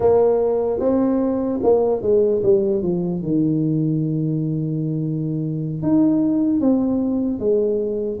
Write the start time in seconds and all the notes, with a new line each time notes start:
0.00 A#3
0.79 C4
1.62 A#3
2.02 G#3
2.43 G3
2.82 F3
3.22 D#3
5.82 D#4
6.60 C4
7.39 G#3